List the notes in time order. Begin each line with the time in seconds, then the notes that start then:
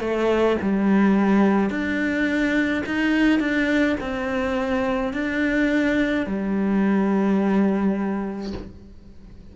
0.00 A3
0.62 G3
1.70 D4
2.86 D#4
3.40 D4
4.00 C4
5.14 D4
6.27 G3